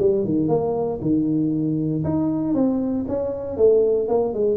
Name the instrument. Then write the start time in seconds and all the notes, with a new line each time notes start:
tuba
0.00 G3
0.25 D#3
0.49 A#3
1.02 D#3
2.05 D#4
2.55 C4
3.09 C#4
3.57 A3
4.09 A#3
4.34 G#3